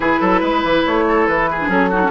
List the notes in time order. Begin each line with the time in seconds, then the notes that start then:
0.00 E3 E4 G#4 B4
0.20 F#3 A4
0.40 G#3 B4
0.63 E3
0.85 A3 C#5
1.08 A4
1.26 E3 B4
1.50 G#4
1.60 D4
1.67 F#3 C#4 A4
1.90 D#4 F#4
2.03 C#4